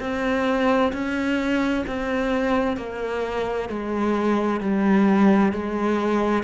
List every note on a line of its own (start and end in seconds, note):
0.00 0.92 C4
0.93 1.85 C#4
1.87 2.77 C4
2.77 3.69 A#3
3.69 4.61 G#3
4.61 5.53 G3
5.53 6.44 G#3